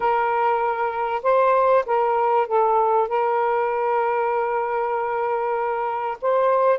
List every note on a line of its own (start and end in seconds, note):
0.00 1.22 A#4
1.22 1.84 C5
1.86 2.47 A#4
2.47 3.08 A4
3.08 6.17 A#4
6.21 6.78 C5